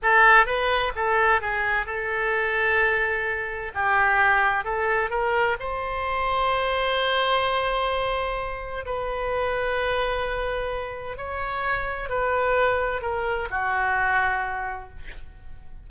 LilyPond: \new Staff \with { instrumentName = "oboe" } { \time 4/4 \tempo 4 = 129 a'4 b'4 a'4 gis'4 | a'1 | g'2 a'4 ais'4 | c''1~ |
c''2. b'4~ | b'1 | cis''2 b'2 | ais'4 fis'2. | }